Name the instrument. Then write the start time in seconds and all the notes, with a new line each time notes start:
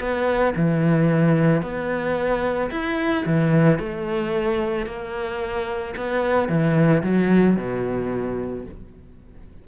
cello
0.00 B3
0.56 E3
1.62 B3
2.71 E4
3.26 E3
3.79 A3
4.86 A#3
5.97 B3
6.49 E3
7.03 F#3
7.57 B2